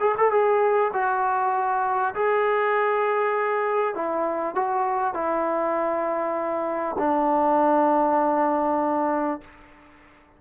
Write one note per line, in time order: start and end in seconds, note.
0.00 0.15 G#4
0.18 0.31 A4
0.31 0.92 G#4
0.93 2.15 F#4
2.15 3.95 G#4
3.95 4.55 E4
4.55 5.14 F#4
5.14 6.96 E4
6.99 9.41 D4